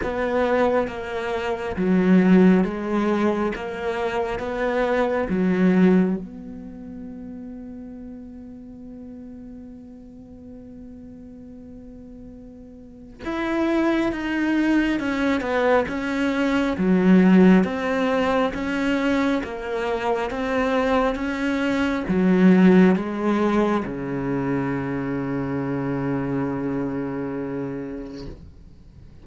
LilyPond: \new Staff \with { instrumentName = "cello" } { \time 4/4 \tempo 4 = 68 b4 ais4 fis4 gis4 | ais4 b4 fis4 b4~ | b1~ | b2. e'4 |
dis'4 cis'8 b8 cis'4 fis4 | c'4 cis'4 ais4 c'4 | cis'4 fis4 gis4 cis4~ | cis1 | }